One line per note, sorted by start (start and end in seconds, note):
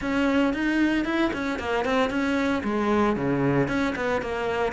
0.01 0.53 C#4
0.53 1.04 D#4
1.04 1.31 E4
1.33 1.59 C#4
1.59 1.84 A#3
1.84 2.10 C4
2.10 2.62 C#4
2.63 3.16 G#3
3.16 3.68 C#3
3.68 3.94 C#4
3.95 4.21 B3
4.21 4.72 A#3